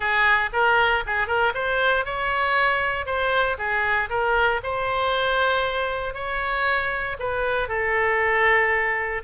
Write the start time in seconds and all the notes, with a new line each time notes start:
0.00 G#4
0.52 A#4
1.06 G#4
1.27 A#4
1.54 C5
2.05 C#5
3.06 C5
3.58 G#4
4.09 A#4
4.63 C5
6.14 C#5
7.19 B4
7.68 A4